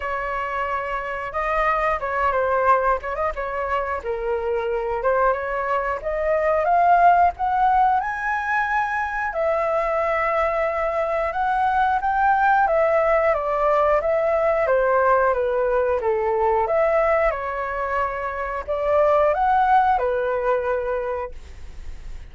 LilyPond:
\new Staff \with { instrumentName = "flute" } { \time 4/4 \tempo 4 = 90 cis''2 dis''4 cis''8 c''8~ | c''8 cis''16 dis''16 cis''4 ais'4. c''8 | cis''4 dis''4 f''4 fis''4 | gis''2 e''2~ |
e''4 fis''4 g''4 e''4 | d''4 e''4 c''4 b'4 | a'4 e''4 cis''2 | d''4 fis''4 b'2 | }